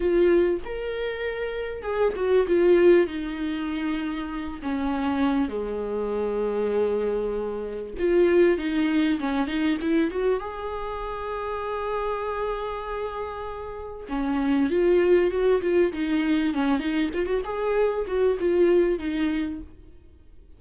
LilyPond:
\new Staff \with { instrumentName = "viola" } { \time 4/4 \tempo 4 = 98 f'4 ais'2 gis'8 fis'8 | f'4 dis'2~ dis'8 cis'8~ | cis'4 gis2.~ | gis4 f'4 dis'4 cis'8 dis'8 |
e'8 fis'8 gis'2.~ | gis'2. cis'4 | f'4 fis'8 f'8 dis'4 cis'8 dis'8 | f'16 fis'16 gis'4 fis'8 f'4 dis'4 | }